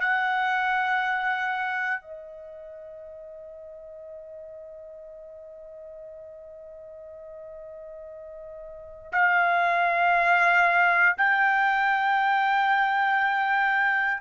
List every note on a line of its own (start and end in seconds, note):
0.00 2.02 F#5
2.02 9.12 D#5
9.12 11.15 F5
11.17 14.21 G5